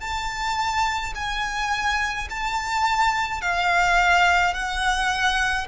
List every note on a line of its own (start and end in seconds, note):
0.00 1.13 A5
1.15 2.28 G#5
2.30 3.41 A5
3.41 4.53 F5
4.53 5.67 F#5